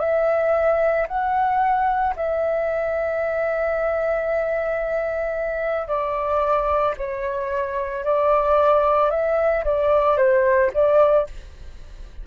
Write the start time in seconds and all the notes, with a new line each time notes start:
0.00 E5
1.08 F#5
2.16 E5
5.88 D5
6.97 C#5
8.04 D5
9.11 E5
9.64 D5
10.17 C5
10.73 D5